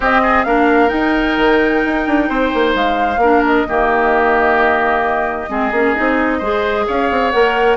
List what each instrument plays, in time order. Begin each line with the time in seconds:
0.00 bassoon C4, clarinet C4, oboe G4, flute D#5
0.23 oboe G#4
0.43 bassoon A#3, clarinet D4, oboe A#4, flute F5
0.88 clarinet D#4, bassoon D#4, flute G5
1.37 bassoon D#3
1.85 bassoon D#4
2.07 bassoon D4
2.28 bassoon C4, oboe C5
2.54 bassoon A#3
2.74 bassoon G#3, flute F5
3.17 bassoon A#3, clarinet D4, oboe A#4
3.45 flute D#5
3.67 bassoon D#3, clarinet A#3, oboe G4
5.49 bassoon G#3, clarinet C4, oboe G#4
5.71 bassoon A#3, clarinet C#4
5.95 bassoon C4, clarinet D#4
6.38 bassoon G#3, clarinet G#4, oboe C5
6.87 bassoon C#4, oboe C#5, flute F5
7.10 bassoon C4
7.30 bassoon A#3, clarinet A#4, flute F#5